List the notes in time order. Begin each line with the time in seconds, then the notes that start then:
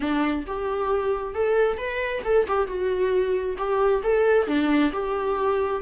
0.00 D4
0.47 G4
1.34 A4
1.77 B4
2.24 A4
2.47 G4
2.67 F#4
3.57 G4
4.03 A4
4.47 D4
4.92 G4